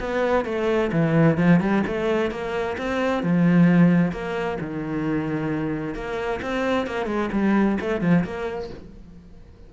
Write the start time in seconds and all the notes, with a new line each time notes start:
0.00 B3
0.45 A3
0.93 E3
1.38 F3
1.60 G3
1.87 A3
2.31 A#3
2.78 C4
3.23 F3
4.12 A#3
4.61 D#3
5.95 A#3
6.42 C4
6.87 A#3
7.07 G#3
7.33 G3
7.81 A3
8.01 F3
8.24 A#3